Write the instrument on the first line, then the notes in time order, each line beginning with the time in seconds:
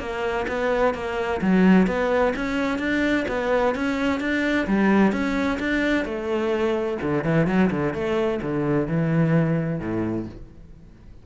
cello
0.00 A#3
0.48 B3
0.95 A#3
1.42 F#3
1.87 B3
2.36 C#4
2.79 D4
3.29 B3
3.76 C#4
4.21 D4
4.67 G3
5.13 C#4
5.60 D4
6.05 A3
7.02 D3
7.25 E3
7.47 F#3
7.71 D3
7.94 A3
8.42 D3
8.88 E3
9.80 A2